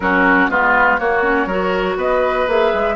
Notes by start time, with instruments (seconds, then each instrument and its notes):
0.00 bassoon F#3, clarinet C#4, oboe F#4, flute A#4
0.48 bassoon G#3, clarinet B3, oboe F4, flute B4
0.97 clarinet A#3, bassoon A#3, oboe F#4, flute C#5
1.23 clarinet C#4
1.46 bassoon F#3, clarinet F#4, oboe A#4
1.96 bassoon B3, oboe B4, flute D#5
2.47 bassoon A#3, clarinet G#4, flute E5
2.74 bassoon G#3